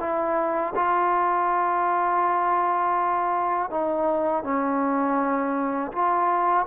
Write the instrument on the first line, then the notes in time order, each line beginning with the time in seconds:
trombone
0.00 E4
0.76 F4
3.71 D#4
4.44 C#4
5.93 F4